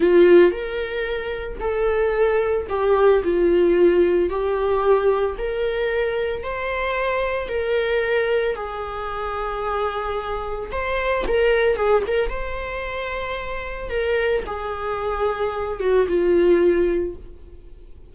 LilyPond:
\new Staff \with { instrumentName = "viola" } { \time 4/4 \tempo 4 = 112 f'4 ais'2 a'4~ | a'4 g'4 f'2 | g'2 ais'2 | c''2 ais'2 |
gis'1 | c''4 ais'4 gis'8 ais'8 c''4~ | c''2 ais'4 gis'4~ | gis'4. fis'8 f'2 | }